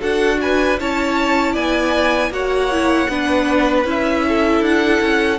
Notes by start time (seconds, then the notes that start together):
0.00 D4 F#4 A4 F#5
0.42 B4 G#5
0.80 C#4 E4 C#5 A5
1.53 B3 D5 G#5
2.31 A#3 F#4 C#5 F#5
2.72 E4
3.09 B3 D4 B4
3.85 C#4 E4 E5
4.29 A4
4.61 D4 F#5
5.01 C#4